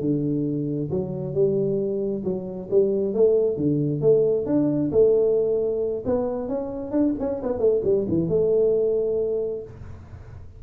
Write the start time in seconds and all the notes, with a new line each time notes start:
0.00 D3
0.90 F#3
1.34 G3
2.24 F#3
2.70 G3
3.14 A3
3.57 D3
4.01 A3
4.46 D4
4.91 A3
6.05 B3
6.48 C#4
6.91 D4
7.19 C#4
7.42 B3
7.59 A3
7.84 G3
8.08 E3
8.29 A3